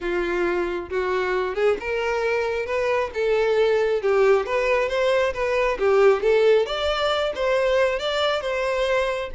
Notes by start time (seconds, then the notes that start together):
0.00 F4
0.89 F#4
1.55 G#4
1.79 A#4
2.65 B4
3.13 A4
4.02 G4
4.46 B4
4.88 C5
5.33 B4
5.78 G4
6.22 A4
6.65 D5
7.35 C5
7.99 D5
8.41 C5